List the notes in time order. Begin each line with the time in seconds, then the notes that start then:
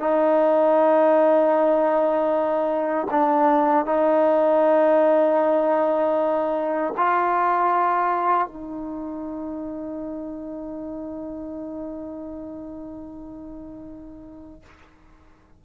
0.00 D#4
3.11 D4
3.86 D#4
6.98 F4
8.48 D#4